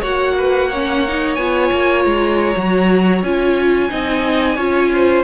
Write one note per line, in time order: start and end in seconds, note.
0.00 1.37 A#3
0.00 0.70 F#4
0.00 0.34 C#5
0.00 1.35 F#5
0.38 0.70 B4
0.70 1.07 C#4
0.70 3.89 C#5
1.08 1.37 D#4
1.35 1.71 B3
1.35 2.55 F4
1.35 2.02 G#5
1.72 2.05 A#3
2.04 2.55 G#3
2.04 3.22 A#5
2.56 3.22 F#3
2.56 3.24 F#4
3.22 3.90 C#4
3.22 3.89 F4
3.22 5.23 G#5
3.89 4.57 C4
3.89 4.56 D#4
3.89 4.56 D#5
4.56 5.23 C#4
4.56 5.23 F4
4.56 4.89 C#5
4.93 5.23 C5